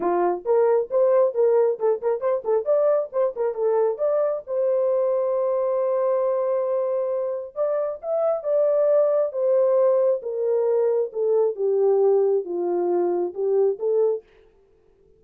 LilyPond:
\new Staff \with { instrumentName = "horn" } { \time 4/4 \tempo 4 = 135 f'4 ais'4 c''4 ais'4 | a'8 ais'8 c''8 a'8 d''4 c''8 ais'8 | a'4 d''4 c''2~ | c''1~ |
c''4 d''4 e''4 d''4~ | d''4 c''2 ais'4~ | ais'4 a'4 g'2 | f'2 g'4 a'4 | }